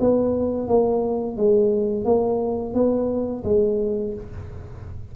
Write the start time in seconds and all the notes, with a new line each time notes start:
0.00 B3
0.67 A#3
1.37 G#3
2.05 A#3
2.74 B3
3.44 G#3